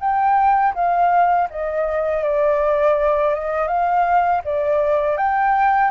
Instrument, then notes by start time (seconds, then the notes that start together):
flute
0.00 G5
0.74 F5
1.50 D#5
2.24 D5
3.35 D#5
3.68 F5
4.44 D5
5.18 G5